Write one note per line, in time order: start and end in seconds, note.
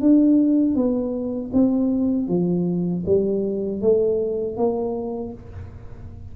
0.00 0.75 D4
0.75 1.51 B3
1.53 2.28 C4
2.28 3.04 F3
3.06 3.80 G3
3.80 4.56 A3
4.56 5.32 A#3